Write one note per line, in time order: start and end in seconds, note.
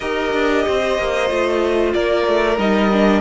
0.00 0.33 D#4
0.00 1.28 G4
0.00 0.65 A#4
0.00 1.92 D#5
0.33 0.65 D4
0.66 0.98 C4
0.66 1.94 C5
0.98 1.30 A#3
1.28 1.94 A3
1.28 2.57 F4
1.93 2.26 A#3
1.93 3.21 A#4
1.93 2.58 D5
2.26 2.57 A3
2.57 3.21 G3
2.57 2.90 D#4
2.57 3.21 D#5
2.92 3.21 D4